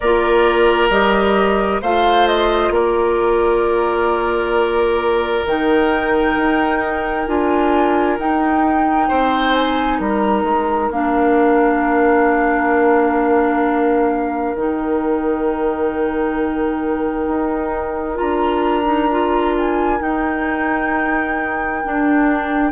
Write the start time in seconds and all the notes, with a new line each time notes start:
0.00 A#3 F4 A#4 D5
0.89 G3 G4 D#5
1.81 A3 F4 C5 F5
2.27 D#5
2.70 A#3 A#4 D5
5.45 D#3 D#4 G5
6.35 D#4
7.27 D4 F4 G#5
8.18 D#4 G5
9.08 C4 C5
9.54 G#5
9.98 G3 A#4 A#5
10.43 G#3
10.90 A#3 D4 F5
14.55 D#3 D#4 G5
17.27 D#4
18.14 D4 F4 A#5
18.84 D#4
19.11 F4
19.58 G#5
19.99 D#4 G5
21.83 D4